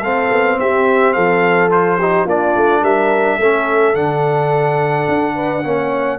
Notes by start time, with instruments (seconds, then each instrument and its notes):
0.00 tuba A3, trombone C4, horn A4, trumpet F5
0.31 tuba B3
0.59 tuba C4, horn G4, trumpet E5
1.13 tuba F3, horn A4, trumpet F5
1.70 trombone F4, trumpet C5
1.98 trombone D#4, horn G4
2.25 tuba A#3, trombone D4, horn F4, trumpet D5
2.56 tuba A3
2.82 tuba G3, horn A#4, trumpet E5
3.38 tuba A3, trombone C#4, horn A4
3.94 tuba D3, trombone D4, trumpet F#5
5.08 tuba D4
5.35 horn B4
5.64 tuba A#3, trombone C#4, horn C#5